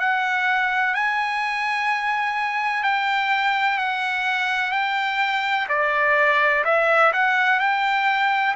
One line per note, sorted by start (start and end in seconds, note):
0.00 0.95 F#5
0.95 2.84 G#5
2.84 3.78 G5
3.78 4.72 F#5
4.72 5.68 G5
5.69 6.65 D5
6.65 7.13 E5
7.13 7.60 F#5
7.60 8.55 G5